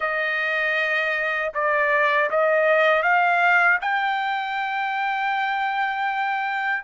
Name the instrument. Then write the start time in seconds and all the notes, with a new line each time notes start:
trumpet
0.00 D#5
1.54 D5
2.30 D#5
3.02 F5
3.81 G5